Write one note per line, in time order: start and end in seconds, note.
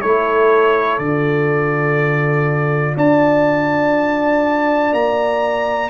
0.00 0.98 A3
0.00 1.00 E4
0.00 2.95 A4
0.00 0.98 C#5
0.98 2.95 D3
0.98 5.89 F4
0.98 2.95 D5
2.95 4.92 D4
2.95 5.89 D5
2.95 4.93 A5
4.92 5.89 A#3
4.92 5.89 A#5